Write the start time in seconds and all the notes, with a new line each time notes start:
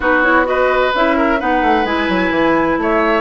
0.00 B3 D#4 F#4 B4
0.22 E4 C#5
0.44 F#4 B4 D#5
0.94 C#4 E4 E5
1.17 A#4
1.39 B3 D#4 B4 F#5
1.62 A3
1.84 G#3 E4 G#5
2.08 F#3
2.30 E3
2.77 A3 C#5 E5